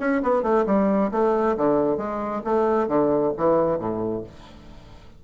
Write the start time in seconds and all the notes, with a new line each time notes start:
0.00 C#4
0.23 B3
0.43 A3
0.67 G3
1.12 A3
1.57 D3
1.97 G#3
2.44 A3
2.88 D3
3.37 E3
3.79 A2